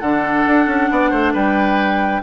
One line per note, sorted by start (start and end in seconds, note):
0.00 0.45 D3
0.00 2.23 D4
0.00 0.90 A4
0.00 1.33 F#5
0.47 0.67 D4
0.67 0.89 C#4
0.91 1.12 B3
0.91 1.10 D5
1.10 1.34 A3
1.10 1.33 C5
1.33 2.23 G3
1.33 2.22 B4
1.33 2.23 G5